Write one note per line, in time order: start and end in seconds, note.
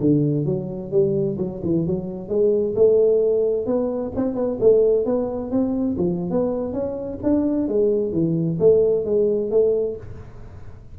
0.00 0.45 D3
0.45 0.91 F#3
0.91 1.37 G3
1.38 1.61 F#3
1.63 1.86 E3
1.86 2.28 F#3
2.28 2.74 G#3
2.75 3.66 A3
3.66 4.11 B3
4.16 4.34 C4
4.34 4.57 B3
4.60 5.05 A3
5.05 5.50 B3
5.50 5.96 C4
5.97 6.30 F3
6.30 6.72 B3
6.72 7.18 C#4
7.23 7.68 D4
7.68 8.12 G#3
8.12 8.58 E3
8.59 9.05 A3
9.05 9.50 G#3
9.50 9.96 A3